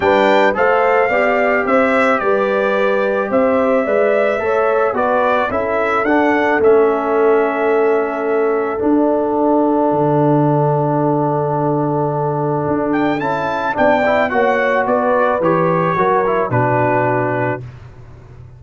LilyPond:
<<
  \new Staff \with { instrumentName = "trumpet" } { \time 4/4 \tempo 4 = 109 g''4 f''2 e''4 | d''2 e''2~ | e''4 d''4 e''4 fis''4 | e''1 |
fis''1~ | fis''2.~ fis''8 g''8 | a''4 g''4 fis''4 d''4 | cis''2 b'2 | }
  \new Staff \with { instrumentName = "horn" } { \time 4/4 b'4 c''4 d''4 c''4 | b'2 c''4 d''4 | cis''4 b'4 a'2~ | a'1~ |
a'1~ | a'1~ | a'4 d''4 cis''4 b'4~ | b'4 ais'4 fis'2 | }
  \new Staff \with { instrumentName = "trombone" } { \time 4/4 d'4 a'4 g'2~ | g'2. b'4 | a'4 fis'4 e'4 d'4 | cis'1 |
d'1~ | d'1 | e'4 d'8 e'8 fis'2 | g'4 fis'8 e'8 d'2 | }
  \new Staff \with { instrumentName = "tuba" } { \time 4/4 g4 a4 b4 c'4 | g2 c'4 gis4 | a4 b4 cis'4 d'4 | a1 |
d'2 d2~ | d2. d'4 | cis'4 b4 ais4 b4 | e4 fis4 b,2 | }
>>